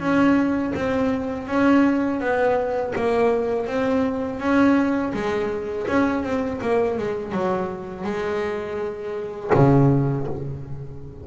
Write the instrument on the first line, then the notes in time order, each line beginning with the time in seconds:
double bass
0.00 C#4
0.75 C4
1.47 C#4
2.21 B3
2.96 A#3
3.67 C4
4.40 C#4
5.14 G#3
5.87 C#4
6.24 C4
6.62 A#3
6.98 G#3
7.32 F#3
8.04 G#3
9.55 C#3